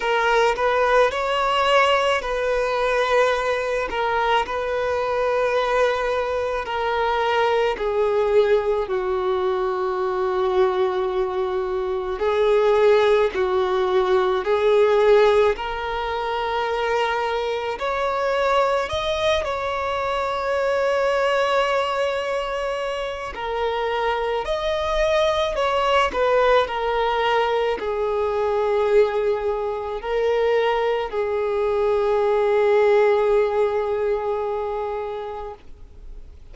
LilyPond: \new Staff \with { instrumentName = "violin" } { \time 4/4 \tempo 4 = 54 ais'8 b'8 cis''4 b'4. ais'8 | b'2 ais'4 gis'4 | fis'2. gis'4 | fis'4 gis'4 ais'2 |
cis''4 dis''8 cis''2~ cis''8~ | cis''4 ais'4 dis''4 cis''8 b'8 | ais'4 gis'2 ais'4 | gis'1 | }